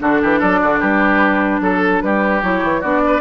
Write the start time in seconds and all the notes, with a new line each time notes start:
0.00 D3 D4 F#4 A4
0.22 E3 G4
0.39 F#3 A4 D5
0.62 D3 F#4
0.79 G3 G4 B4
1.61 F#3 A4
2.01 G3 G4 B4
2.42 F#3 E4 C#5
2.63 E3
2.81 B3 D4 F#4 D5
3.07 B4